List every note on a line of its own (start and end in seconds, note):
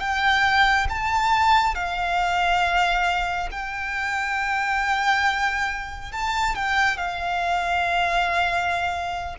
0.00 0.87 G5
0.89 1.75 A5
1.75 3.49 F5
3.51 6.12 G5
6.12 6.55 A5
6.55 6.97 G5
6.97 9.36 F5